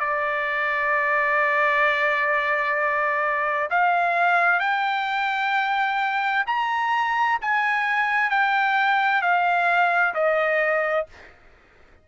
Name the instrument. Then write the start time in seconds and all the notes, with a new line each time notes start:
trumpet
0.00 D5
3.70 F5
4.60 G5
6.47 A#5
7.41 G#5
8.30 G5
9.22 F5
10.15 D#5